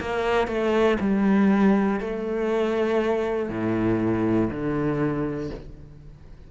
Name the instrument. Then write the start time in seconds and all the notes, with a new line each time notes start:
cello
0.00 A#3
0.47 A3
1.00 G3
2.00 A3
3.49 A2
4.50 D3